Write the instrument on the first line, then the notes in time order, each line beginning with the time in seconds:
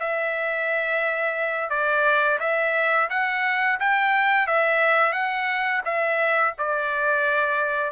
trumpet
0.00 E5
1.70 D5
2.40 E5
3.10 F#5
3.80 G5
4.48 E5
5.13 F#5
5.86 E5
6.59 D5